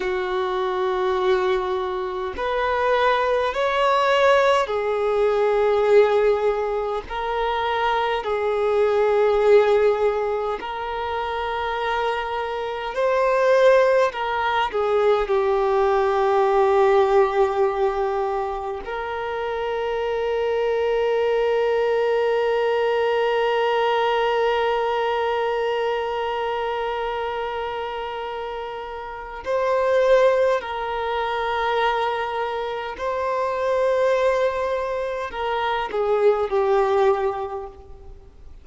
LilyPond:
\new Staff \with { instrumentName = "violin" } { \time 4/4 \tempo 4 = 51 fis'2 b'4 cis''4 | gis'2 ais'4 gis'4~ | gis'4 ais'2 c''4 | ais'8 gis'8 g'2. |
ais'1~ | ais'1~ | ais'4 c''4 ais'2 | c''2 ais'8 gis'8 g'4 | }